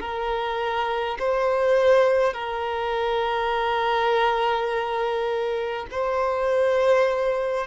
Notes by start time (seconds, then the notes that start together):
0.00 A#4
1.19 C5
2.33 A#4
5.91 C5